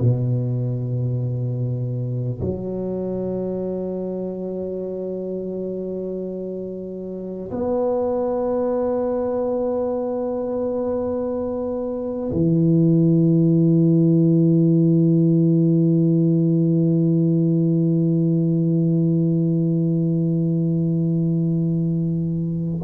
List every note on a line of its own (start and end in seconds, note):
0.00 2.40 B2
2.41 7.51 F#3
7.51 12.31 B3
12.31 22.81 E3